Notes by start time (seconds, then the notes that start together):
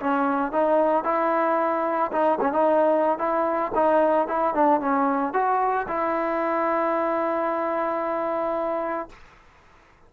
0.00 C#4
0.52 D#4
1.04 E4
2.12 D#4
2.41 C#4
2.53 D#4
3.19 E4
3.75 D#4
4.28 E4
4.54 D4
4.80 C#4
5.34 F#4
5.88 E4